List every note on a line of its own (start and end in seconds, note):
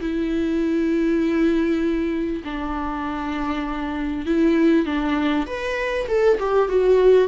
0.00 2.42 E4
2.44 4.25 D4
4.26 4.85 E4
4.85 5.46 D4
5.46 6.07 B4
6.08 6.38 A4
6.39 6.68 G4
6.68 7.28 F#4